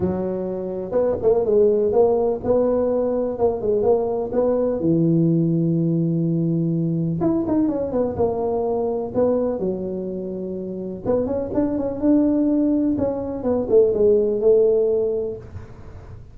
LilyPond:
\new Staff \with { instrumentName = "tuba" } { \time 4/4 \tempo 4 = 125 fis2 b8 ais8 gis4 | ais4 b2 ais8 gis8 | ais4 b4 e2~ | e2. e'8 dis'8 |
cis'8 b8 ais2 b4 | fis2. b8 cis'8 | d'8 cis'8 d'2 cis'4 | b8 a8 gis4 a2 | }